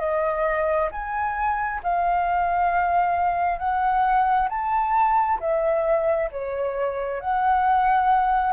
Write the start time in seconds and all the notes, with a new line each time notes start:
0.00 D#5
0.92 G#5
1.84 F5
3.59 F#5
4.49 A5
5.40 E5
6.32 C#5
7.20 F#5